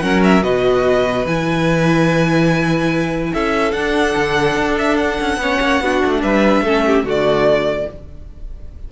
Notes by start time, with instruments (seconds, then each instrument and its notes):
0.00 cello F#3, viola C#4, violin A#4 F#5
0.24 violin E5
0.43 cello B2, viola F#4, violin B4 D#5
1.26 cello E3, viola E4, violin G#5
3.34 cello C#4, violin A4 E5
3.72 cello D4, viola D4, violin F#5
4.17 cello D3
4.57 cello D4
4.79 violin E5
4.97 violin F#5
5.21 cello C#4
5.37 cello B3, viola C#4, violin C#5
5.61 cello A#3
5.81 cello B3, viola D4, violin F#4
6.05 cello A3
6.22 cello G3, violin B4 E5
6.62 cello A3, viola C#4, violin A4
6.87 violin G4
7.04 cello D3, viola A3, violin F#4 D5